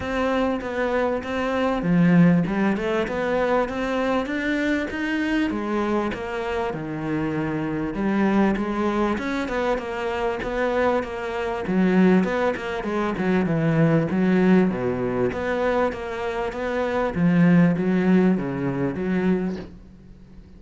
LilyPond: \new Staff \with { instrumentName = "cello" } { \time 4/4 \tempo 4 = 98 c'4 b4 c'4 f4 | g8 a8 b4 c'4 d'4 | dis'4 gis4 ais4 dis4~ | dis4 g4 gis4 cis'8 b8 |
ais4 b4 ais4 fis4 | b8 ais8 gis8 fis8 e4 fis4 | b,4 b4 ais4 b4 | f4 fis4 cis4 fis4 | }